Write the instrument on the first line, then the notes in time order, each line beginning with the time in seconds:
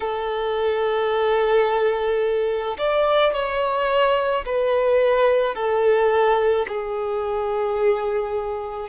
violin
0.00 A4
2.78 D5
3.33 C#5
4.45 B4
5.55 A4
6.68 G#4